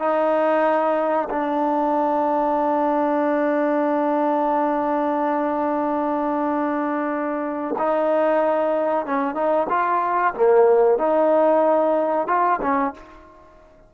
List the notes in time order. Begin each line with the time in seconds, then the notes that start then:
0.00 D#4
1.30 D4
7.79 D#4
9.06 C#4
9.35 D#4
9.70 F4
10.35 A#3
10.99 D#4
12.28 F4
12.62 C#4